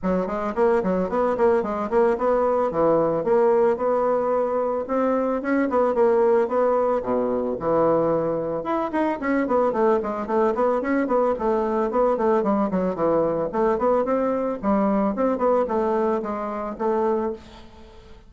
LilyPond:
\new Staff \with { instrumentName = "bassoon" } { \time 4/4 \tempo 4 = 111 fis8 gis8 ais8 fis8 b8 ais8 gis8 ais8 | b4 e4 ais4 b4~ | b4 c'4 cis'8 b8 ais4 | b4 b,4 e2 |
e'8 dis'8 cis'8 b8 a8 gis8 a8 b8 | cis'8 b8 a4 b8 a8 g8 fis8 | e4 a8 b8 c'4 g4 | c'8 b8 a4 gis4 a4 | }